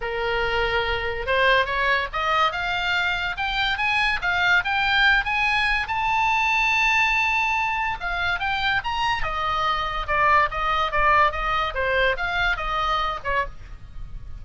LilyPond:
\new Staff \with { instrumentName = "oboe" } { \time 4/4 \tempo 4 = 143 ais'2. c''4 | cis''4 dis''4 f''2 | g''4 gis''4 f''4 g''4~ | g''8 gis''4. a''2~ |
a''2. f''4 | g''4 ais''4 dis''2 | d''4 dis''4 d''4 dis''4 | c''4 f''4 dis''4. cis''8 | }